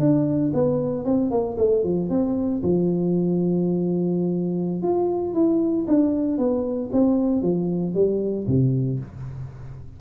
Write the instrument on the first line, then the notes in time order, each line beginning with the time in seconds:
tuba
0.00 D4
0.54 B3
1.05 C4
1.31 A#3
1.58 A3
1.84 F3
2.10 C4
2.63 F3
4.83 F4
5.34 E4
5.88 D4
6.38 B3
6.93 C4
7.42 F3
7.95 G3
8.48 C3